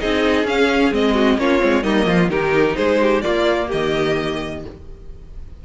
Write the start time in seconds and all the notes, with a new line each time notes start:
0.00 C4 D#4 G#4 D#5
0.45 C#4 F5
0.91 G#3 C4 D#5
1.14 F#4
1.38 A#3 C#4 F4 C#5
1.60 G#3 C4
1.83 G3 A#3 D#4 D#5
2.06 F3 F4
2.28 D#3 D#4 G4 A#4
2.76 G#3 G#4 C5
3.02 G4
3.22 A#3 F4 D5
3.68 D#3 G4 D#5